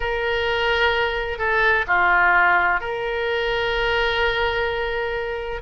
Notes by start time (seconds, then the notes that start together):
0.00 A#4
1.38 A4
1.87 F4
2.80 A#4